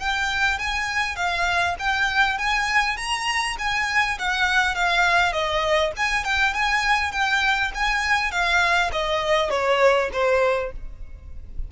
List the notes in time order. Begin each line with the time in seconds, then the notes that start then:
0.00 G5
0.59 G#5
1.16 F5
1.79 G5
2.39 G#5
2.98 A#5
3.59 G#5
4.19 F#5
4.76 F5
5.33 D#5
5.97 G#5
6.25 G5
6.55 G#5
7.12 G5
7.75 G#5
8.32 F5
8.93 D#5
9.51 C#5
10.13 C5